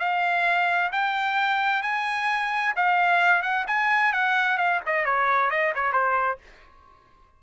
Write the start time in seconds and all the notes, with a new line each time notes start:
0.00 F5
0.93 G5
1.83 G#5
2.76 F5
3.43 F#5
3.67 G#5
4.13 F#5
4.58 F5
4.86 D#5
5.05 C#5
5.51 D#5
5.75 C#5
5.93 C5